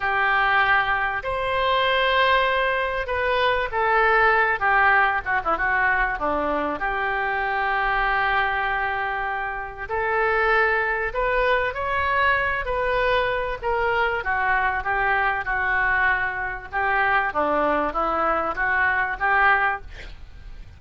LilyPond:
\new Staff \with { instrumentName = "oboe" } { \time 4/4 \tempo 4 = 97 g'2 c''2~ | c''4 b'4 a'4. g'8~ | g'8 fis'16 e'16 fis'4 d'4 g'4~ | g'1 |
a'2 b'4 cis''4~ | cis''8 b'4. ais'4 fis'4 | g'4 fis'2 g'4 | d'4 e'4 fis'4 g'4 | }